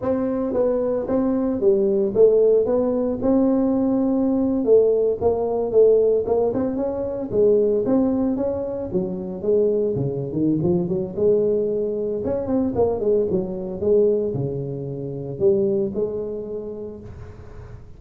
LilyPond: \new Staff \with { instrumentName = "tuba" } { \time 4/4 \tempo 4 = 113 c'4 b4 c'4 g4 | a4 b4 c'2~ | c'8. a4 ais4 a4 ais16~ | ais16 c'8 cis'4 gis4 c'4 cis'16~ |
cis'8. fis4 gis4 cis8. dis8 | f8 fis8 gis2 cis'8 c'8 | ais8 gis8 fis4 gis4 cis4~ | cis4 g4 gis2 | }